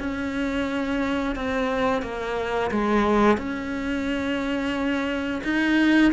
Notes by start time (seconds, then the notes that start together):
0.00 C#4
1.36 C4
2.03 A#3
2.71 G#3
3.38 C#4
5.44 D#4